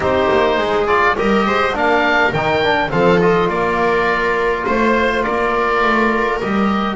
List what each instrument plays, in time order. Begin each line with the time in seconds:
0.00 double bass C4, trombone D#4, viola G4, oboe C5
0.31 double bass A#3
0.56 double bass G#3, viola G#4
0.86 trombone F4, oboe D5
1.17 double bass G3, trombone G4, viola A#4, oboe D#5
1.46 double bass G#3, viola C5
1.74 double bass A#3, trombone D4, viola A#4, oboe F5
2.33 double bass D#3, trombone D#4, oboe G5
2.63 trombone D4
2.90 double bass F3, trombone C4, viola A4, oboe F5
3.20 trombone F4, oboe D#5
3.48 double bass A#3, viola A#4, oboe D5
4.66 double bass A3, viola C5, oboe C5
5.23 double bass A#3, viola A#4, oboe D5
5.83 double bass A3
6.41 double bass G3, trombone G4, oboe D#5